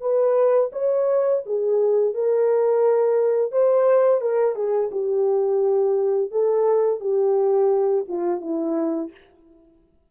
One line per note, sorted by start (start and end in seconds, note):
0.00 0.70 B4
0.72 1.42 C#5
1.45 2.14 G#4
2.14 3.51 A#4
3.51 4.21 C5
4.21 4.55 A#4
4.55 4.90 G#4
4.91 6.30 G4
6.31 7.00 A4
7.00 8.05 G4
8.08 8.41 F4
8.41 9.10 E4